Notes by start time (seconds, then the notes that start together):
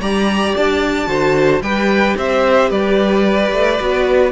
0.00 G3 G4 D5 A#5
0.57 D4 A5
1.06 D3 F#4 C5
1.61 G3 G4 B4 G5
2.16 C4 C5 E5
2.70 G3 B4 D5
3.52 A3
3.80 B3 F#4